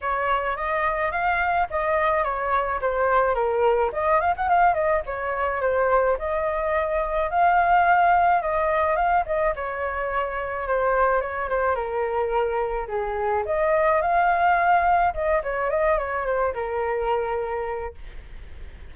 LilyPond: \new Staff \with { instrumentName = "flute" } { \time 4/4 \tempo 4 = 107 cis''4 dis''4 f''4 dis''4 | cis''4 c''4 ais'4 dis''8 f''16 fis''16 | f''8 dis''8 cis''4 c''4 dis''4~ | dis''4 f''2 dis''4 |
f''8 dis''8 cis''2 c''4 | cis''8 c''8 ais'2 gis'4 | dis''4 f''2 dis''8 cis''8 | dis''8 cis''8 c''8 ais'2~ ais'8 | }